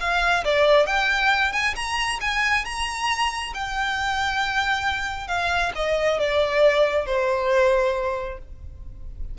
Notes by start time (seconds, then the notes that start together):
0.00 F5
0.44 D5
0.86 G5
1.53 G#5
1.76 A#5
2.21 G#5
2.65 A#5
3.54 G5
5.28 F5
5.75 D#5
6.19 D5
7.06 C5